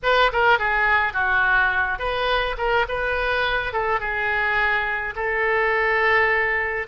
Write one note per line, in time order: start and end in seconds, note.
0.02 0.31 B4
0.32 0.58 A#4
0.58 1.13 G#4
1.13 1.98 F#4
1.98 2.56 B4
2.57 2.86 A#4
2.88 3.72 B4
3.72 4.00 A4
4.00 5.14 G#4
5.15 6.87 A4